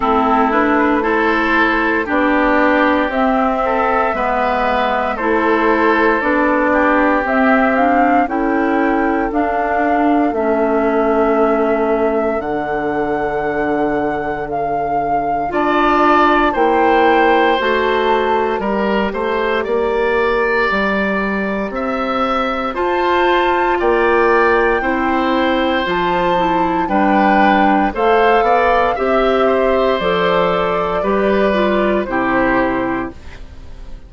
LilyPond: <<
  \new Staff \with { instrumentName = "flute" } { \time 4/4 \tempo 4 = 58 a'8 b'8 c''4 d''4 e''4~ | e''4 c''4 d''4 e''8 f''8 | g''4 f''4 e''2 | fis''2 f''4 a''4 |
g''4 a''4 ais''2~ | ais''2 a''4 g''4~ | g''4 a''4 g''4 f''4 | e''4 d''2 c''4 | }
  \new Staff \with { instrumentName = "oboe" } { \time 4/4 e'4 a'4 g'4. a'8 | b'4 a'4. g'4. | a'1~ | a'2. d''4 |
c''2 ais'8 c''8 d''4~ | d''4 e''4 c''4 d''4 | c''2 b'4 c''8 d''8 | e''8 c''4. b'4 g'4 | }
  \new Staff \with { instrumentName = "clarinet" } { \time 4/4 c'8 d'8 e'4 d'4 c'4 | b4 e'4 d'4 c'8 d'8 | e'4 d'4 cis'2 | d'2. f'4 |
e'4 fis'4 g'2~ | g'2 f'2 | e'4 f'8 e'8 d'4 a'4 | g'4 a'4 g'8 f'8 e'4 | }
  \new Staff \with { instrumentName = "bassoon" } { \time 4/4 a2 b4 c'4 | gis4 a4 b4 c'4 | cis'4 d'4 a2 | d2. d'4 |
ais4 a4 g8 a8 ais4 | g4 c'4 f'4 ais4 | c'4 f4 g4 a8 b8 | c'4 f4 g4 c4 | }
>>